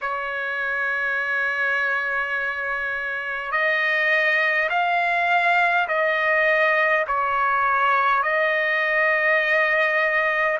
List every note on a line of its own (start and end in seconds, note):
0.01 3.51 C#5
3.51 4.69 D#5
4.70 5.87 F5
5.88 7.05 D#5
7.07 8.22 C#5
8.22 10.58 D#5